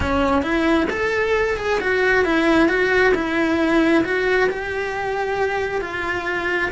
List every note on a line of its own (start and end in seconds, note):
0.00 0.42 C#4
0.42 0.87 E4
0.90 1.57 A4
1.57 1.79 G#4
1.80 2.24 F#4
2.24 2.68 E4
2.68 3.13 F#4
3.14 4.04 E4
4.04 4.49 F#4
4.49 5.81 G4
5.81 6.70 F4